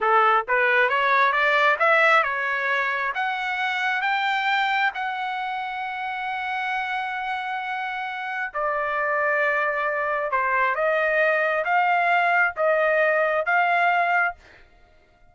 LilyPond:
\new Staff \with { instrumentName = "trumpet" } { \time 4/4 \tempo 4 = 134 a'4 b'4 cis''4 d''4 | e''4 cis''2 fis''4~ | fis''4 g''2 fis''4~ | fis''1~ |
fis''2. d''4~ | d''2. c''4 | dis''2 f''2 | dis''2 f''2 | }